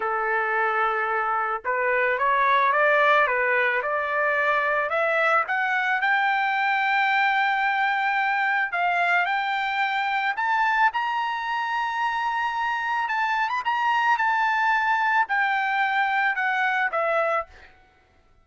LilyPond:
\new Staff \with { instrumentName = "trumpet" } { \time 4/4 \tempo 4 = 110 a'2. b'4 | cis''4 d''4 b'4 d''4~ | d''4 e''4 fis''4 g''4~ | g''1 |
f''4 g''2 a''4 | ais''1 | a''8. b''16 ais''4 a''2 | g''2 fis''4 e''4 | }